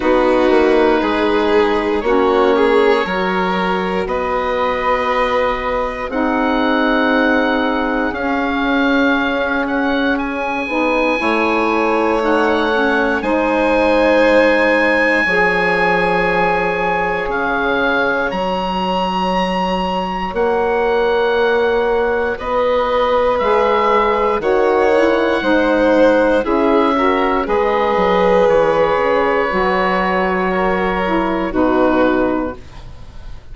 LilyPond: <<
  \new Staff \with { instrumentName = "oboe" } { \time 4/4 \tempo 4 = 59 b'2 cis''2 | dis''2 fis''2 | f''4. fis''8 gis''2 | fis''4 gis''2.~ |
gis''4 f''4 ais''2 | fis''2 dis''4 e''4 | fis''2 e''4 dis''4 | cis''2. b'4 | }
  \new Staff \with { instrumentName = "violin" } { \time 4/4 fis'4 gis'4 fis'8 gis'8 ais'4 | b'2 gis'2~ | gis'2. cis''4~ | cis''4 c''2 cis''4~ |
cis''1~ | cis''2 b'2 | cis''4 c''4 gis'8 ais'8 b'4~ | b'2 ais'4 fis'4 | }
  \new Staff \with { instrumentName = "saxophone" } { \time 4/4 dis'2 cis'4 fis'4~ | fis'2 dis'2 | cis'2~ cis'8 dis'8 e'4 | dis'8 cis'8 dis'2 gis'4~ |
gis'2 fis'2~ | fis'2. gis'4 | fis'8 e'8 dis'4 e'8 fis'8 gis'4~ | gis'4 fis'4. e'8 dis'4 | }
  \new Staff \with { instrumentName = "bassoon" } { \time 4/4 b8 ais8 gis4 ais4 fis4 | b2 c'2 | cis'2~ cis'8 b8 a4~ | a4 gis2 f4~ |
f4 cis4 fis2 | ais2 b4 gis4 | dis4 gis4 cis'4 gis8 fis8 | e8 cis8 fis2 b,4 | }
>>